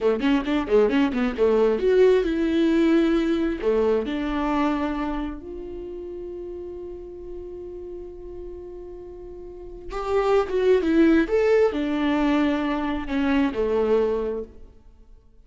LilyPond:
\new Staff \with { instrumentName = "viola" } { \time 4/4 \tempo 4 = 133 a8 cis'8 d'8 gis8 cis'8 b8 a4 | fis'4 e'2. | a4 d'2. | f'1~ |
f'1~ | f'2 g'4~ g'16 fis'8. | e'4 a'4 d'2~ | d'4 cis'4 a2 | }